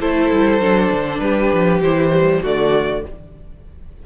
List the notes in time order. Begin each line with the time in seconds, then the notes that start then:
0.00 A3 E4 A4 C5
0.31 G3
0.60 F#3 D4
0.91 D3
1.20 G3 G4 B4
1.54 F3
1.81 E3 E4 C5
2.12 G3
2.42 D3 A3 F#4 D5